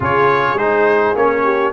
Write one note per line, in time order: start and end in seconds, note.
0.00 0.53 C#3
0.00 0.57 F4
0.00 1.43 G#4
0.00 0.57 C#5
0.53 1.11 G#3
0.53 1.15 D#4
0.53 1.15 C5
1.15 1.72 A#3
1.15 1.72 C#4
1.15 1.72 C#5
1.43 1.72 G4